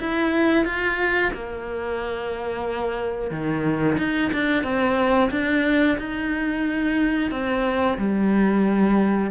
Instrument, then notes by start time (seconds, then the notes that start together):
cello
0.00 E4
0.65 F4
1.34 A#3
3.31 D#3
3.98 D#4
4.33 D4
4.64 C4
5.31 D4
5.98 D#4
7.31 C4
7.98 G3